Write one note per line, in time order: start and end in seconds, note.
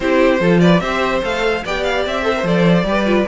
0.00 0.39 C4
0.00 0.40 E4
0.00 0.40 G4
0.00 0.60 C5
0.39 0.80 F3
0.39 0.81 F4
0.39 0.61 A4
0.60 0.82 B4
0.60 0.80 D5
0.80 1.21 C4
0.80 1.22 G4
0.80 1.64 C5
0.80 1.20 E5
1.22 1.64 A3
1.22 1.63 A4
1.22 1.65 F5
1.64 2.05 B3
1.64 2.22 G4
1.64 2.23 D5
1.64 1.83 G5
1.83 2.04 F5
2.06 2.43 C4
2.06 2.46 E5
2.22 2.32 A4
2.22 2.84 C5
2.36 2.43 A#4
2.43 2.84 F3
2.43 2.84 A4
2.43 3.27 D5
2.84 3.24 G3
2.84 3.06 G4
2.84 3.27 B4
3.06 3.26 F4